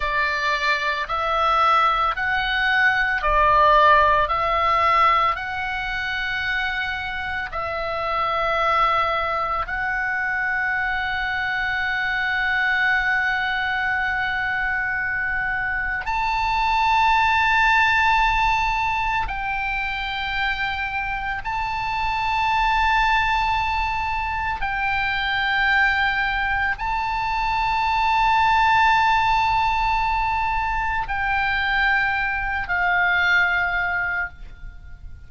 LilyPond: \new Staff \with { instrumentName = "oboe" } { \time 4/4 \tempo 4 = 56 d''4 e''4 fis''4 d''4 | e''4 fis''2 e''4~ | e''4 fis''2.~ | fis''2. a''4~ |
a''2 g''2 | a''2. g''4~ | g''4 a''2.~ | a''4 g''4. f''4. | }